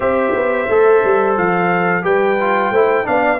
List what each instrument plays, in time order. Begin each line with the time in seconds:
0.00 tuba C4, trombone G4, horn C5, trumpet E5
0.33 tuba B3
0.68 tuba A3, trombone A4
1.04 tuba G3
1.37 tuba F3, trumpet F5
2.02 tuba G3, trombone G4, horn B4, trumpet G5
2.40 trombone F4
2.71 tuba A3, trombone E4, horn C5
3.04 tuba B3, trombone D4, horn D5, trumpet F5